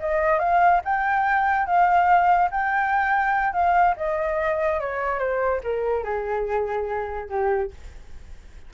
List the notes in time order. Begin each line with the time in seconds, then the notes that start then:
0.00 D#5
0.39 F5
0.85 G5
1.66 F5
2.51 G5
3.53 F5
3.97 D#5
4.80 C#5
5.19 C5
5.64 A#4
6.04 G#4
7.29 G4